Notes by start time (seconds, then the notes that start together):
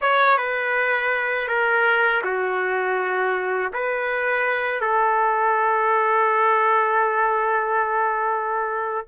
0.01 C#5
0.37 B4
1.48 A#4
2.24 F#4
3.73 B4
4.80 A4